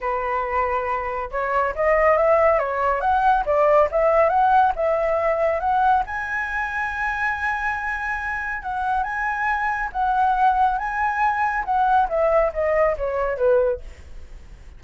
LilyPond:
\new Staff \with { instrumentName = "flute" } { \time 4/4 \tempo 4 = 139 b'2. cis''4 | dis''4 e''4 cis''4 fis''4 | d''4 e''4 fis''4 e''4~ | e''4 fis''4 gis''2~ |
gis''1 | fis''4 gis''2 fis''4~ | fis''4 gis''2 fis''4 | e''4 dis''4 cis''4 b'4 | }